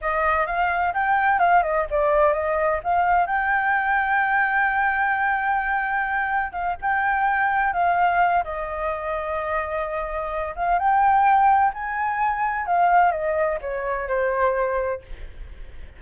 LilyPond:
\new Staff \with { instrumentName = "flute" } { \time 4/4 \tempo 4 = 128 dis''4 f''4 g''4 f''8 dis''8 | d''4 dis''4 f''4 g''4~ | g''1~ | g''2 f''8 g''4.~ |
g''8 f''4. dis''2~ | dis''2~ dis''8 f''8 g''4~ | g''4 gis''2 f''4 | dis''4 cis''4 c''2 | }